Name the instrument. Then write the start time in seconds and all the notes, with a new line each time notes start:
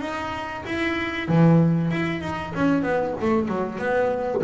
double bass
0.00 D#4
0.66 E4
1.28 E3
1.91 E4
2.21 D#4
2.55 C#4
2.83 B3
3.21 A3
3.48 F#3
3.79 B3